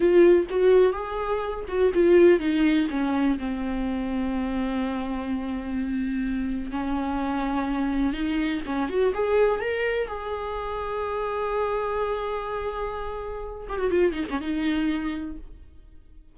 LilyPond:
\new Staff \with { instrumentName = "viola" } { \time 4/4 \tempo 4 = 125 f'4 fis'4 gis'4. fis'8 | f'4 dis'4 cis'4 c'4~ | c'1~ | c'2 cis'2~ |
cis'4 dis'4 cis'8 fis'8 gis'4 | ais'4 gis'2.~ | gis'1~ | gis'8 g'16 fis'16 f'8 dis'16 cis'16 dis'2 | }